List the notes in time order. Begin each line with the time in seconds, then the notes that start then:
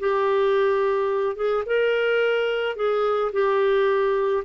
0.00 G4
1.36 G#4
1.66 A#4
2.76 G#4
3.33 G4